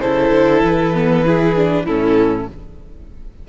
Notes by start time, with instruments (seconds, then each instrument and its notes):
0.00 cello C#3, viola E4, violin A4 C5
0.31 cello D3
0.61 cello E3, violin B4
0.94 viola B3
1.25 viola E4, violin G#4
1.56 viola D4
1.85 cello A2, viola C#4, violin E4 A4